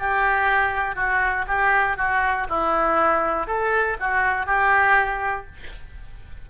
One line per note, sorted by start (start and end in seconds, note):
0.00 0.95 G4
0.95 1.45 F#4
1.48 1.97 G4
1.97 2.47 F#4
2.50 3.48 E4
3.48 3.98 A4
4.00 4.47 F#4
4.47 5.47 G4